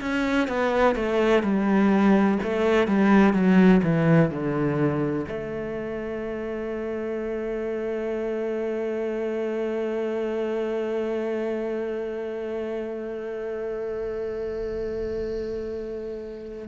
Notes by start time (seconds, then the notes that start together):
0.00 C#4
0.48 B3
0.95 A3
1.43 G3
2.42 A3
2.87 G3
3.33 F#3
3.83 E3
4.30 D3
5.28 A3